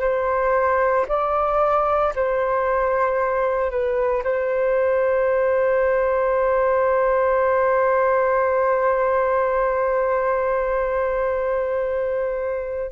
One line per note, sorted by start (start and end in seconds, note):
0.00 1.05 C5
1.08 2.13 D5
2.15 3.70 C5
3.70 4.23 B4
4.23 12.91 C5